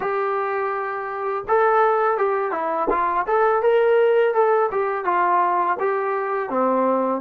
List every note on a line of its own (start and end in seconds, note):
0.00 1.44 G4
1.48 2.17 A4
2.17 2.51 G4
2.51 2.88 E4
2.89 3.26 F4
3.26 3.62 A4
3.62 4.33 A#4
4.33 4.70 A4
4.71 5.04 G4
5.04 5.77 F4
5.79 6.49 G4
6.49 7.21 C4